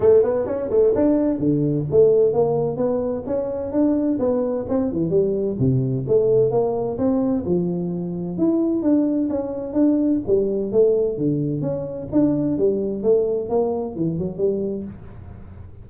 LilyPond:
\new Staff \with { instrumentName = "tuba" } { \time 4/4 \tempo 4 = 129 a8 b8 cis'8 a8 d'4 d4 | a4 ais4 b4 cis'4 | d'4 b4 c'8 e8 g4 | c4 a4 ais4 c'4 |
f2 e'4 d'4 | cis'4 d'4 g4 a4 | d4 cis'4 d'4 g4 | a4 ais4 e8 fis8 g4 | }